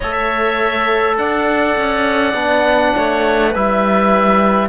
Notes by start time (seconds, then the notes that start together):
0.00 A3 A4 C#5 E5
1.17 D4 D5 F#5
1.77 C#4
2.33 B3 D4
2.95 A3 C#5
3.49 G3 E4 B4 E5